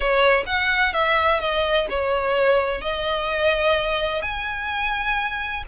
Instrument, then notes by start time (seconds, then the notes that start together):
violin
0.00 C#5
0.46 F#5
0.93 E5
1.39 D#5
1.89 C#5
2.81 D#5
4.22 G#5